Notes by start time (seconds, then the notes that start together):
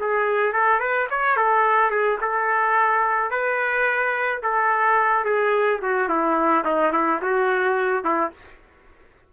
0.00 G#4
0.53 A4
0.80 B4
1.11 C#5
1.37 A4
1.91 G#4
2.21 A4
3.31 B4
4.42 A4
5.24 G#4
5.82 F#4
6.09 E4
6.65 D#4
6.93 E4
7.22 F#4
8.04 E4